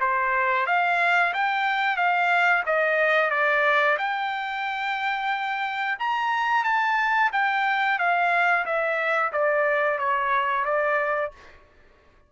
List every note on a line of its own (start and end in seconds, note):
0.00 0.66 C5
0.66 1.33 F5
1.33 1.96 G5
1.96 2.63 F5
2.66 3.30 D#5
3.30 3.97 D5
3.98 5.98 G5
5.99 6.64 A#5
6.64 7.31 A5
7.32 7.98 G5
7.98 8.65 F5
8.65 9.32 E5
9.32 9.98 D5
9.98 10.65 C#5
10.65 11.32 D5